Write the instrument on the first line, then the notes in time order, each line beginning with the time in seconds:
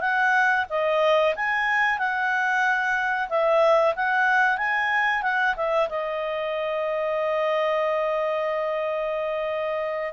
clarinet
0.00 F#5
0.69 D#5
1.35 G#5
1.98 F#5
3.29 E5
3.95 F#5
4.57 G#5
5.22 F#5
5.56 E5
5.89 D#5